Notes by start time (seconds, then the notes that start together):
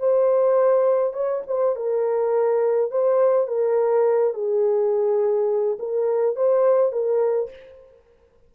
0.00 C5
1.14 C#5
1.48 C5
1.76 A#4
2.92 C5
3.48 A#4
4.34 G#4
5.80 A#4
6.36 C5
6.93 A#4